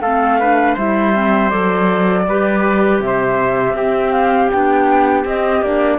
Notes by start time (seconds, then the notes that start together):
0.00 A3 C4 A4 F5
0.39 D4 B4
0.74 G3 E4 C5 E5
1.14 C4
1.49 F#3 A4 D5
2.27 G3 G4 B4
3.00 C3 E5
3.06 C5
3.73 C4 G4
4.12 F5
4.51 B3 D4 G5
5.24 C4 D#5
5.62 A#3 D4 D5